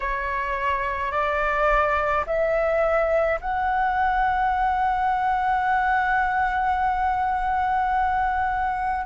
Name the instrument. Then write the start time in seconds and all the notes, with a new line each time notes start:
flute
0.00 C#5
1.11 D5
2.26 E5
3.41 F#5